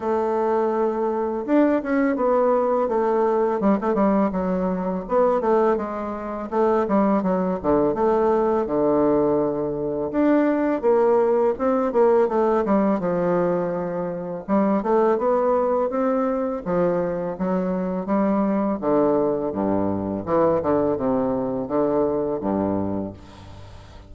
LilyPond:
\new Staff \with { instrumentName = "bassoon" } { \time 4/4 \tempo 4 = 83 a2 d'8 cis'8 b4 | a4 g16 a16 g8 fis4 b8 a8 | gis4 a8 g8 fis8 d8 a4 | d2 d'4 ais4 |
c'8 ais8 a8 g8 f2 | g8 a8 b4 c'4 f4 | fis4 g4 d4 g,4 | e8 d8 c4 d4 g,4 | }